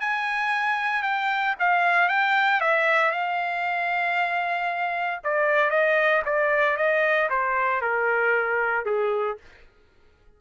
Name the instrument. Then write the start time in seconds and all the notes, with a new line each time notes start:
trumpet
0.00 G#5
1.03 G5
1.59 F5
2.08 G5
2.61 E5
3.11 F5
5.24 D5
5.70 D#5
6.25 D5
6.77 D#5
7.30 C5
7.81 A#4
8.85 G#4